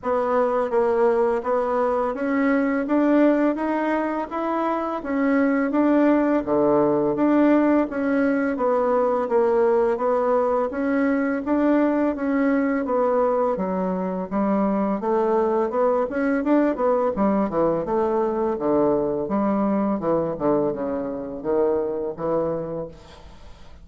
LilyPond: \new Staff \with { instrumentName = "bassoon" } { \time 4/4 \tempo 4 = 84 b4 ais4 b4 cis'4 | d'4 dis'4 e'4 cis'4 | d'4 d4 d'4 cis'4 | b4 ais4 b4 cis'4 |
d'4 cis'4 b4 fis4 | g4 a4 b8 cis'8 d'8 b8 | g8 e8 a4 d4 g4 | e8 d8 cis4 dis4 e4 | }